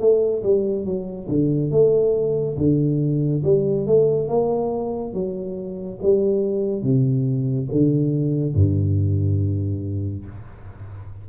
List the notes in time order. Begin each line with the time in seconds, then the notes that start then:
0.00 A3
0.43 G3
0.85 F#3
1.29 D3
1.71 A3
2.58 D3
3.44 G3
3.87 A3
4.29 A#3
5.14 F#3
6.03 G3
6.83 C3
7.71 D3
8.55 G2